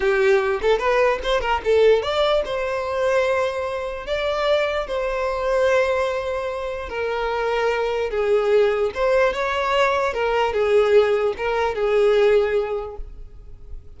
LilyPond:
\new Staff \with { instrumentName = "violin" } { \time 4/4 \tempo 4 = 148 g'4. a'8 b'4 c''8 ais'8 | a'4 d''4 c''2~ | c''2 d''2 | c''1~ |
c''4 ais'2. | gis'2 c''4 cis''4~ | cis''4 ais'4 gis'2 | ais'4 gis'2. | }